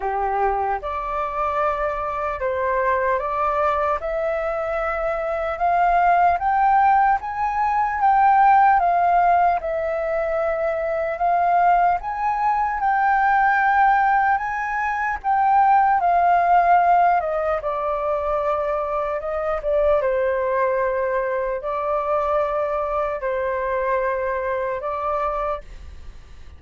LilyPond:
\new Staff \with { instrumentName = "flute" } { \time 4/4 \tempo 4 = 75 g'4 d''2 c''4 | d''4 e''2 f''4 | g''4 gis''4 g''4 f''4 | e''2 f''4 gis''4 |
g''2 gis''4 g''4 | f''4. dis''8 d''2 | dis''8 d''8 c''2 d''4~ | d''4 c''2 d''4 | }